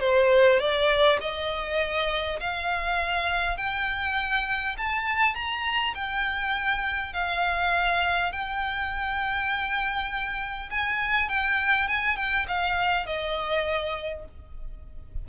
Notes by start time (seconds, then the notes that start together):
0.00 C5
0.59 D5
1.21 D#5
2.40 F5
3.57 G5
4.78 A5
5.35 A#5
5.95 G5
7.13 F5
8.32 G5
10.71 G#5
11.29 G5
11.88 G#5
12.16 G5
12.48 F5
13.06 D#5